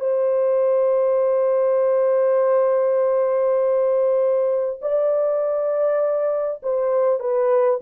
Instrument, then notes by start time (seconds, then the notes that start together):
horn
0.00 C5
4.81 D5
6.63 C5
7.19 B4